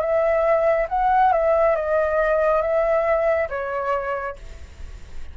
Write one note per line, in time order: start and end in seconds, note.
0.00 0.87 E5
0.89 1.32 F#5
1.32 1.75 E5
1.75 2.61 D#5
2.61 3.48 E5
3.49 4.36 C#5